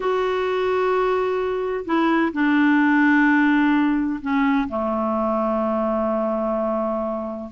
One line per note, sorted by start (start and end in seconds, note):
0.00 1.85 F#4
1.85 2.32 E4
2.32 4.20 D4
4.21 4.67 C#4
4.68 7.49 A3